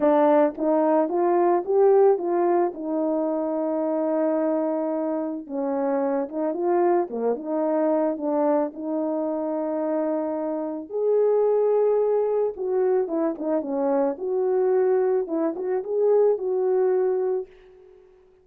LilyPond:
\new Staff \with { instrumentName = "horn" } { \time 4/4 \tempo 4 = 110 d'4 dis'4 f'4 g'4 | f'4 dis'2.~ | dis'2 cis'4. dis'8 | f'4 ais8 dis'4. d'4 |
dis'1 | gis'2. fis'4 | e'8 dis'8 cis'4 fis'2 | e'8 fis'8 gis'4 fis'2 | }